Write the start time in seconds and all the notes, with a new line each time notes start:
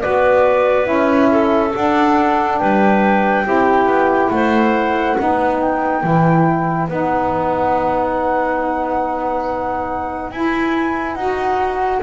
0.00 B3 F#4 B4 D5
0.83 C#4 E4 E5
1.31 A4
1.74 D4 F#5
2.58 G3 B4 G5
3.44 C4 E4 G4
3.86 B3
4.29 A3 C5 F#5
5.16 B3 D#4 B4
5.59 G5
6.02 E3 E4
6.88 B3 D#4 F#5
10.30 E4 G#5
11.14 D#4 F#4 F#5